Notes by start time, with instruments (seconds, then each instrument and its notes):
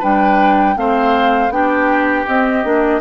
0.00 bassoon G3, clarinet D4, oboe B4, flute G5
0.76 bassoon A3, clarinet C4, oboe C5, flute F5
1.50 bassoon B3, clarinet D4, oboe G4, flute G5
2.27 clarinet C4, bassoon C4, flute D#5
2.64 bassoon A#3, clarinet D4